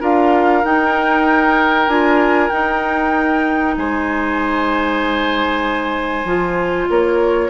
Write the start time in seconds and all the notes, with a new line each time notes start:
0.00 D4 F4 A#4 F5
0.63 D#4 G5
1.87 D4 F4 G#5
2.49 D#4 G5
3.76 G#3 C5 G#5
6.24 F3 F4
6.89 A#3 A#4 C#5